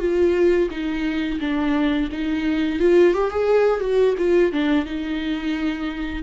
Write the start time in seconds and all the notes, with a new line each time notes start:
0.00 F4
0.71 D#4
1.40 D4
2.12 D#4
2.80 F4
3.14 G4
3.31 G#4
3.80 F#4
4.18 F4
4.52 D4
4.85 D#4